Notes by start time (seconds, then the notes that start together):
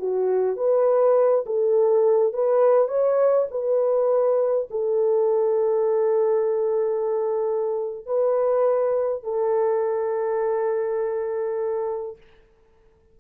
0.00 F#4
0.57 B4
1.47 A4
2.34 B4
2.89 C#5
3.51 B4
4.71 A4
8.06 B4
9.24 A4